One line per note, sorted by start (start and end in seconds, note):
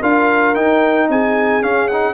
0.00 0.56 D4
0.00 0.55 F4
0.00 1.08 A#4
0.00 0.55 F5
0.55 1.62 D#4
0.55 1.09 D#4
0.55 1.09 G5
1.09 1.62 C4
1.09 2.14 G#4
1.09 1.63 G#5
1.62 2.14 C#4
1.62 1.89 C#4
1.62 1.88 F5
1.88 2.14 D#4
1.88 2.14 F#5